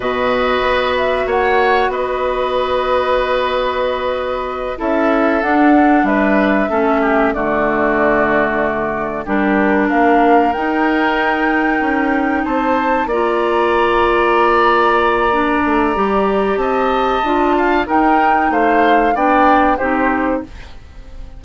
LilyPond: <<
  \new Staff \with { instrumentName = "flute" } { \time 4/4 \tempo 4 = 94 dis''4. e''8 fis''4 dis''4~ | dis''2.~ dis''8 e''8~ | e''8 fis''4 e''2 d''8~ | d''2~ d''8 ais'4 f''8~ |
f''8 g''2. a''8~ | a''8 ais''2.~ ais''8~ | ais''2 a''2 | g''4 f''4 g''4 c''4 | }
  \new Staff \with { instrumentName = "oboe" } { \time 4/4 b'2 cis''4 b'4~ | b'2.~ b'8 a'8~ | a'4. b'4 a'8 g'8 fis'8~ | fis'2~ fis'8 g'4 ais'8~ |
ais'2.~ ais'8 c''8~ | c''8 d''2.~ d''8~ | d''2 dis''4. f''8 | ais'4 c''4 d''4 g'4 | }
  \new Staff \with { instrumentName = "clarinet" } { \time 4/4 fis'1~ | fis'2.~ fis'8 e'8~ | e'8 d'2 cis'4 a8~ | a2~ a8 d'4.~ |
d'8 dis'2.~ dis'8~ | dis'8 f'2.~ f'8 | d'4 g'2 f'4 | dis'2 d'4 dis'4 | }
  \new Staff \with { instrumentName = "bassoon" } { \time 4/4 b,4 b4 ais4 b4~ | b2.~ b8 cis'8~ | cis'8 d'4 g4 a4 d8~ | d2~ d8 g4 ais8~ |
ais8 dis'2 cis'4 c'8~ | c'8 ais2.~ ais8~ | ais8 a8 g4 c'4 d'4 | dis'4 a4 b4 c'4 | }
>>